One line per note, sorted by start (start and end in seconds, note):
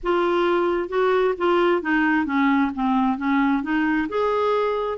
0.03 0.88 F4
0.88 1.34 F#4
1.37 1.82 F4
1.82 2.25 D#4
2.25 2.71 C#4
2.74 3.17 C4
3.17 3.62 C#4
3.62 4.08 D#4
4.08 4.98 G#4